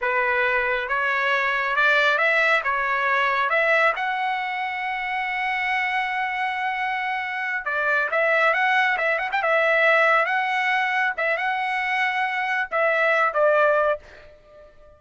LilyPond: \new Staff \with { instrumentName = "trumpet" } { \time 4/4 \tempo 4 = 137 b'2 cis''2 | d''4 e''4 cis''2 | e''4 fis''2.~ | fis''1~ |
fis''4. d''4 e''4 fis''8~ | fis''8 e''8 fis''16 g''16 e''2 fis''8~ | fis''4. e''8 fis''2~ | fis''4 e''4. d''4. | }